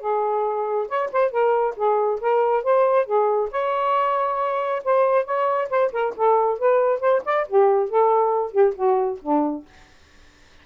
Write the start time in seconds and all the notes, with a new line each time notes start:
0.00 G#4
0.88 C#5
1.13 C5
1.31 A#4
1.76 G#4
2.21 A#4
2.64 C5
3.06 G#4
3.51 C#5
4.84 C5
5.25 C#5
5.70 C5
5.93 A#4
6.16 A4
6.59 B4
7.01 C5
7.25 D5
7.48 G4
7.90 A4
8.52 G4
8.75 F#4
9.22 D4